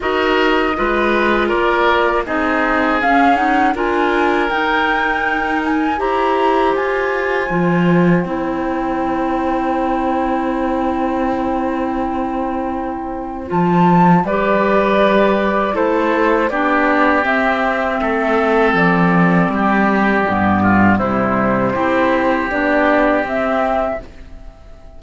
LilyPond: <<
  \new Staff \with { instrumentName = "flute" } { \time 4/4 \tempo 4 = 80 dis''2 d''4 dis''4 | f''8 fis''8 gis''4 g''4. gis''8 | ais''4 gis''2 g''4~ | g''1~ |
g''2 a''4 d''4~ | d''4 c''4 d''4 e''4~ | e''4 d''2. | c''2 d''4 e''4 | }
  \new Staff \with { instrumentName = "oboe" } { \time 4/4 ais'4 b'4 ais'4 gis'4~ | gis'4 ais'2. | c''1~ | c''1~ |
c''2. b'4~ | b'4 a'4 g'2 | a'2 g'4. f'8 | e'4 g'2. | }
  \new Staff \with { instrumentName = "clarinet" } { \time 4/4 fis'4 f'2 dis'4 | cis'8 dis'8 f'4 dis'2 | g'2 f'4 e'4~ | e'1~ |
e'2 f'4 g'4~ | g'4 e'4 d'4 c'4~ | c'2. b4 | g4 e'4 d'4 c'4 | }
  \new Staff \with { instrumentName = "cello" } { \time 4/4 dis'4 gis4 ais4 c'4 | cis'4 d'4 dis'2 | e'4 f'4 f4 c'4~ | c'1~ |
c'2 f4 g4~ | g4 a4 b4 c'4 | a4 f4 g4 g,4 | c4 c'4 b4 c'4 | }
>>